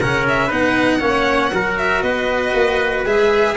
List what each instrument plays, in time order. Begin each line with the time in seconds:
0.00 tuba C#3, cello C#4, trumpet A#4, violin F#5
0.28 violin E5
0.47 tuba B3, cello D#4, trumpet B4, violin F#5
1.00 tuba A#3, cello C#4, trumpet C#5
1.53 tuba F#3, cello F#4, trumpet A#4
1.78 violin E5
2.02 tuba B3, trumpet B4, violin D#5
2.54 tuba A#3
3.05 tuba G#3, cello G#4, violin E5